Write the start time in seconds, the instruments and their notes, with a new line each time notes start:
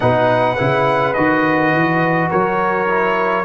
0.00 tuba B2, trombone D#4, horn B4, trumpet F#5
0.57 tuba C#3, trombone E4
1.13 tuba D#3, trombone F#4, trumpet D#5
1.73 tuba E3
2.30 tuba F#3, horn A#4, trumpet C#5
2.87 trombone E4